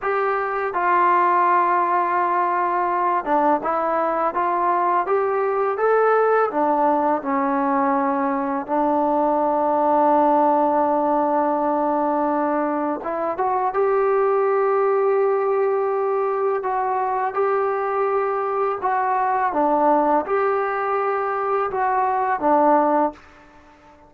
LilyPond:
\new Staff \with { instrumentName = "trombone" } { \time 4/4 \tempo 4 = 83 g'4 f'2.~ | f'8 d'8 e'4 f'4 g'4 | a'4 d'4 cis'2 | d'1~ |
d'2 e'8 fis'8 g'4~ | g'2. fis'4 | g'2 fis'4 d'4 | g'2 fis'4 d'4 | }